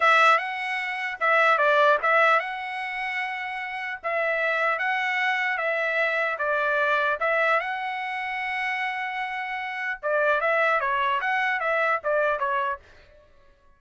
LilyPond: \new Staff \with { instrumentName = "trumpet" } { \time 4/4 \tempo 4 = 150 e''4 fis''2 e''4 | d''4 e''4 fis''2~ | fis''2 e''2 | fis''2 e''2 |
d''2 e''4 fis''4~ | fis''1~ | fis''4 d''4 e''4 cis''4 | fis''4 e''4 d''4 cis''4 | }